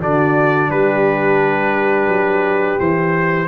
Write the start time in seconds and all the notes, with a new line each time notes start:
0.00 D3 D4 F#4 D5
0.69 G3 G4 B4
2.08 F#3
2.78 E3 E4 C5